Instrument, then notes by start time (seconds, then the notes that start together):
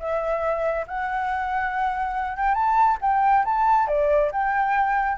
flute
0.00 E5
0.87 F#5
2.37 G5
2.54 A5
3.01 G5
3.45 A5
3.88 D5
4.32 G5